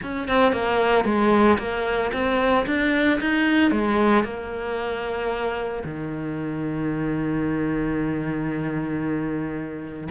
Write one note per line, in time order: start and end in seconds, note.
0.02 0.28 C#4
0.28 0.52 C4
0.52 1.05 A#3
1.05 1.58 G#3
1.58 2.11 A#3
2.12 2.65 C4
2.66 3.19 D4
3.20 3.71 D#4
3.71 4.24 G#3
4.24 5.83 A#3
5.83 10.08 D#3